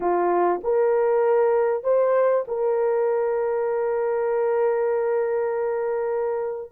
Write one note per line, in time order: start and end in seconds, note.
0.00 0.60 F4
0.63 1.83 A#4
1.83 2.45 C5
2.47 6.71 A#4